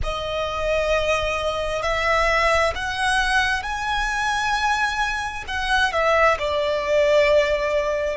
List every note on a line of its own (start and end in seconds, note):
0.03 1.82 D#5
1.82 2.73 E5
2.75 3.62 F#5
3.62 5.44 G#5
5.47 5.92 F#5
5.92 6.37 E5
6.38 8.17 D5